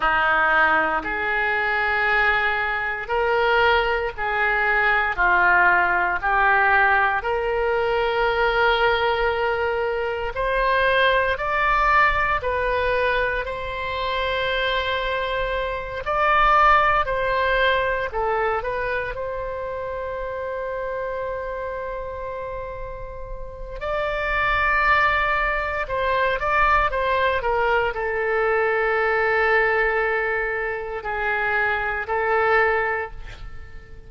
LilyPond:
\new Staff \with { instrumentName = "oboe" } { \time 4/4 \tempo 4 = 58 dis'4 gis'2 ais'4 | gis'4 f'4 g'4 ais'4~ | ais'2 c''4 d''4 | b'4 c''2~ c''8 d''8~ |
d''8 c''4 a'8 b'8 c''4.~ | c''2. d''4~ | d''4 c''8 d''8 c''8 ais'8 a'4~ | a'2 gis'4 a'4 | }